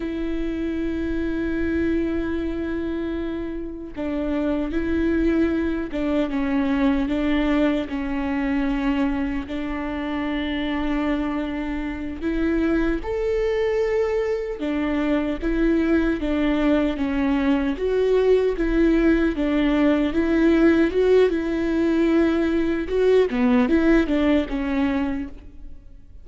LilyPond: \new Staff \with { instrumentName = "viola" } { \time 4/4 \tempo 4 = 76 e'1~ | e'4 d'4 e'4. d'8 | cis'4 d'4 cis'2 | d'2.~ d'8 e'8~ |
e'8 a'2 d'4 e'8~ | e'8 d'4 cis'4 fis'4 e'8~ | e'8 d'4 e'4 fis'8 e'4~ | e'4 fis'8 b8 e'8 d'8 cis'4 | }